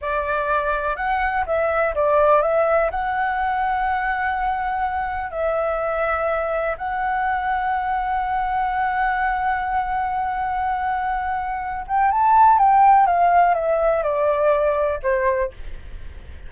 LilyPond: \new Staff \with { instrumentName = "flute" } { \time 4/4 \tempo 4 = 124 d''2 fis''4 e''4 | d''4 e''4 fis''2~ | fis''2. e''4~ | e''2 fis''2~ |
fis''1~ | fis''1~ | fis''8 g''8 a''4 g''4 f''4 | e''4 d''2 c''4 | }